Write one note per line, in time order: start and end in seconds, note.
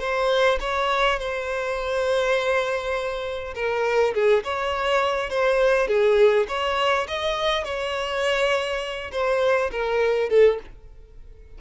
0.00 0.59 C5
0.60 1.19 C#5
1.20 3.55 C5
3.55 4.14 A#4
4.14 4.44 G#4
4.44 5.30 C#5
5.30 5.88 C5
5.88 6.47 G#4
6.49 7.07 C#5
7.08 7.64 D#5
7.64 9.11 C#5
9.12 9.71 C5
9.72 10.30 A#4
10.30 10.59 A4